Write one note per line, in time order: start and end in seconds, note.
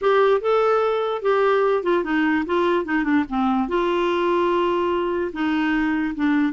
0.01 0.40 G4
0.40 1.22 A4
1.22 1.83 G4
1.83 2.03 F4
2.03 2.44 D#4
2.46 2.85 F4
2.85 3.04 D#4
3.04 3.24 D4
3.29 3.68 C4
3.68 5.31 F4
5.32 6.14 D#4
6.15 6.52 D4